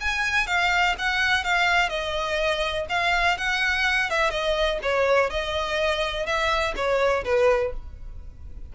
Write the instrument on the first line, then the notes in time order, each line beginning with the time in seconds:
violin
0.00 G#5
0.47 F5
0.98 F#5
1.44 F5
1.89 D#5
2.89 F5
3.38 F#5
4.10 E5
4.30 D#5
4.82 C#5
5.30 D#5
6.26 E5
6.76 C#5
7.24 B4